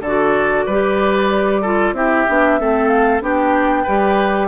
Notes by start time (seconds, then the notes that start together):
0.00 D3 A4 D5
0.06 F#4
0.66 G3 G4 B4
1.61 F4 A4
1.92 C4 E4 G4 E5
2.27 B3 D4
2.59 A3 C4 A4
2.87 F5
3.21 B3 D4 G4 G5
3.83 G3 G4 B4